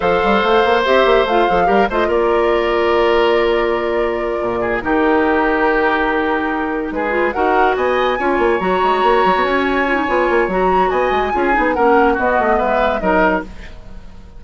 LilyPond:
<<
  \new Staff \with { instrumentName = "flute" } { \time 4/4 \tempo 4 = 143 f''2 e''4 f''4~ | f''8 dis''8 d''2.~ | d''2.~ d''8 ais'8~ | ais'1~ |
ais'8 b'4 fis''4 gis''4.~ | gis''8 ais''2 gis''4.~ | gis''4 ais''4 gis''2 | fis''4 dis''4 e''4 dis''4 | }
  \new Staff \with { instrumentName = "oboe" } { \time 4/4 c''1 | ais'8 c''8 ais'2.~ | ais'2. gis'8 g'8~ | g'1~ |
g'8 gis'4 ais'4 dis''4 cis''8~ | cis''1~ | cis''2 dis''4 gis'4 | ais'4 fis'4 b'4 ais'4 | }
  \new Staff \with { instrumentName = "clarinet" } { \time 4/4 a'2 g'4 f'8 a'8 | g'8 f'2.~ f'8~ | f'2.~ f'8 dis'8~ | dis'1~ |
dis'4 f'8 fis'2 f'8~ | f'8 fis'2. f'16 dis'16 | f'4 fis'2 f'8 dis'8 | cis'4 b2 dis'4 | }
  \new Staff \with { instrumentName = "bassoon" } { \time 4/4 f8 g8 a8 ais8 c'8 ais8 a8 f8 | g8 a8 ais2.~ | ais2~ ais8 ais,4 dis8~ | dis1~ |
dis8 gis4 dis'4 b4 cis'8 | ais8 fis8 gis8 ais8 fis16 b16 cis'4. | b8 ais8 fis4 b8 gis8 cis'8 b8 | ais4 b8 a8 gis4 fis4 | }
>>